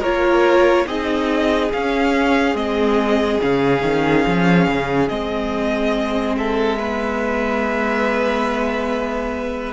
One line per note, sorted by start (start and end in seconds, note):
0.00 0.86 A#3
0.00 0.87 F4
0.00 0.85 A#4
0.00 0.87 C#5
0.86 1.71 C4
0.86 1.71 D#4
0.86 6.36 G#4
0.86 1.72 D#5
1.72 2.54 C#4
1.72 2.56 C#4
1.72 2.56 F5
2.54 3.39 G#3
2.54 3.40 C4
2.54 3.41 D#5
3.41 3.83 C#3
3.41 5.10 C#4
3.41 5.09 F5
3.83 4.25 D#3
4.27 4.67 F3
4.67 5.10 C#3
5.09 9.73 G#3
5.09 6.79 C4
5.09 6.36 D#5
6.38 6.79 A4
6.38 9.73 E5
6.79 9.73 B3
6.79 9.73 B4